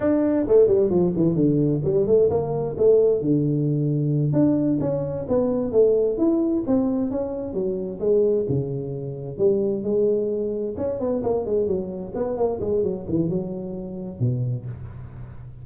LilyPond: \new Staff \with { instrumentName = "tuba" } { \time 4/4 \tempo 4 = 131 d'4 a8 g8 f8 e8 d4 | g8 a8 ais4 a4 d4~ | d4. d'4 cis'4 b8~ | b8 a4 e'4 c'4 cis'8~ |
cis'8 fis4 gis4 cis4.~ | cis8 g4 gis2 cis'8 | b8 ais8 gis8 fis4 b8 ais8 gis8 | fis8 e8 fis2 b,4 | }